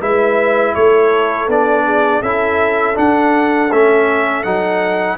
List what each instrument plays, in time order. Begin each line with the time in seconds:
0.00 tuba G#3, trombone E4, horn B4, trumpet E5
0.75 tuba A3, horn A4, trumpet C#5
1.48 tuba B3, trombone D4, trumpet D5
1.85 horn G#4
2.21 tuba C#4, trombone E4, horn A4, trumpet E5
2.95 trombone D4, tuba D4, trumpet F#5
3.72 tuba A3, trombone C#4, trumpet E5
4.44 tuba F#3, trombone D#4, trumpet F#5